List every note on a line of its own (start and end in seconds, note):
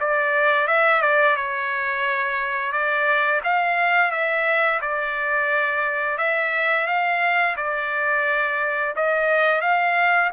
0.00 0.67 D5
0.67 1.02 E5
1.02 1.36 D5
1.36 2.72 C#5
2.72 3.41 D5
3.44 4.11 F5
4.11 4.80 E5
4.82 6.18 D5
6.18 6.87 E5
6.87 7.56 F5
7.57 8.95 D5
8.96 9.62 D#5
9.62 10.31 F5